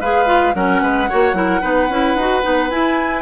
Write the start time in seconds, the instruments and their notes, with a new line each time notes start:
0.00 bassoon G#3, clarinet G#4, oboe B4, flute F5
0.26 clarinet F4
0.54 bassoon F#3, clarinet C#4, oboe A#4, flute F#5
0.82 bassoon G#3, oboe B4
1.09 bassoon A#3, clarinet F#4, oboe C#5
1.33 bassoon F#3, clarinet E4, oboe A#4
1.61 bassoon B3, clarinet D#4, oboe B4
1.89 bassoon C#4, clarinet E4
2.15 bassoon D#4, clarinet F#4
2.42 bassoon B3, clarinet D#4
2.70 bassoon E4, clarinet E4, flute G#5